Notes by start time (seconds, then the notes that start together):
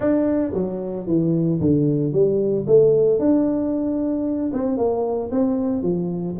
0.00 D4
0.53 F#3
1.06 E3
1.60 D3
2.12 G3
2.66 A3
3.19 D4
4.53 C4
4.77 A#3
5.31 C4
5.82 F3